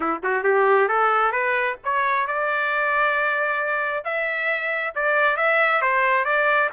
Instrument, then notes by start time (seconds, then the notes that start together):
trumpet
0.00 E4
0.23 F#4
0.43 G4
0.88 A4
1.32 B4
1.84 C#5
2.27 D5
4.04 E5
4.95 D5
5.36 E5
5.81 C5
6.25 D5